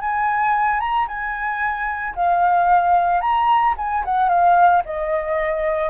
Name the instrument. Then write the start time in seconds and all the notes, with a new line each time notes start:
flute
0.00 G#5
0.80 A#5
1.07 G#5
2.15 F5
3.20 A#5
3.77 G#5
4.04 F#5
4.29 F5
4.85 D#5